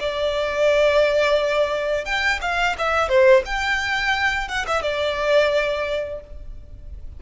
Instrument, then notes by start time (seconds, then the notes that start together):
violin
0.00 D5
2.05 G5
2.42 F5
2.79 E5
3.09 C5
3.46 G5
4.49 F#5
4.67 E5
4.83 D5